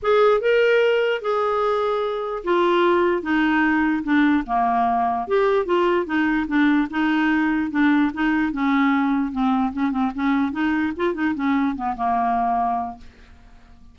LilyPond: \new Staff \with { instrumentName = "clarinet" } { \time 4/4 \tempo 4 = 148 gis'4 ais'2 gis'4~ | gis'2 f'2 | dis'2 d'4 ais4~ | ais4 g'4 f'4 dis'4 |
d'4 dis'2 d'4 | dis'4 cis'2 c'4 | cis'8 c'8 cis'4 dis'4 f'8 dis'8 | cis'4 b8 ais2~ ais8 | }